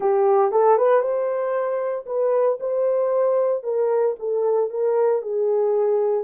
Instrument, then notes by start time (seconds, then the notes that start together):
horn
0.00 G4
0.51 A4
0.77 B4
1.01 C5
2.06 B4
2.59 C5
3.63 A#4
4.19 A4
4.70 A#4
5.22 G#4